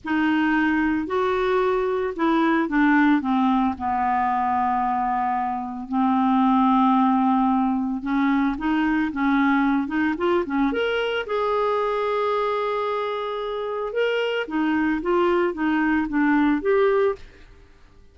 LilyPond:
\new Staff \with { instrumentName = "clarinet" } { \time 4/4 \tempo 4 = 112 dis'2 fis'2 | e'4 d'4 c'4 b4~ | b2. c'4~ | c'2. cis'4 |
dis'4 cis'4. dis'8 f'8 cis'8 | ais'4 gis'2.~ | gis'2 ais'4 dis'4 | f'4 dis'4 d'4 g'4 | }